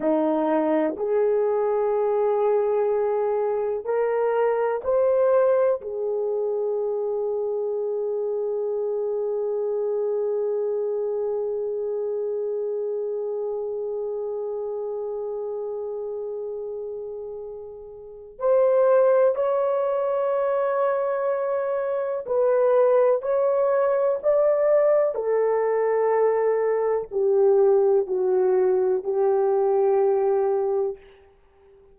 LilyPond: \new Staff \with { instrumentName = "horn" } { \time 4/4 \tempo 4 = 62 dis'4 gis'2. | ais'4 c''4 gis'2~ | gis'1~ | gis'1~ |
gis'2. c''4 | cis''2. b'4 | cis''4 d''4 a'2 | g'4 fis'4 g'2 | }